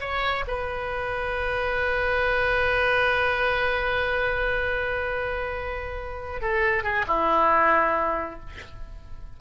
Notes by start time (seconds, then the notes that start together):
0.00 C#5
0.47 B4
6.41 A4
6.83 G#4
7.07 E4